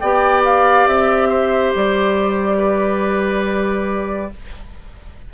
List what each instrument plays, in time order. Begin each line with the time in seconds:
0.00 bassoon B3, clarinet G4, oboe D5, flute G5
0.45 flute F5
0.87 bassoon C4, flute E5
1.29 oboe C5
1.76 bassoon G3, flute D5
2.58 oboe B4